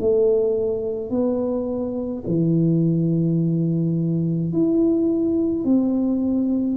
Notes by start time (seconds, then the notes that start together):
0.00 A3
1.10 B3
2.27 E3
4.53 E4
5.64 C4